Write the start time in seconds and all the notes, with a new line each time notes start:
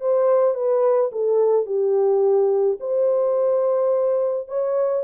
0.00 C5
0.54 B4
1.12 A4
1.66 G4
2.80 C5
4.48 C#5